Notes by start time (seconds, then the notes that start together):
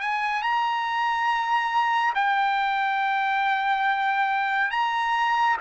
0.00 G#5
0.42 A#5
2.14 G5
4.71 A#5